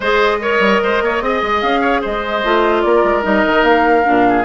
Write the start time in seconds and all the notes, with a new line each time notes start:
0.00 G#3 G#4 C5 D#5
0.41 A#4 C#5
0.59 G3
0.82 G#3 C5
1.01 A#3 C#5
1.21 C4 G#4 D#5
1.42 G#3
1.60 C#4 F5
1.80 C#5
2.01 G#3 C5 D#5
2.44 A3 F4
2.82 A#3 A#4 D5
3.03 G#3
3.22 G3 D#4 D#5
3.44 D#3
3.63 A#3 F5
4.03 A#2 D4
4.28 G#4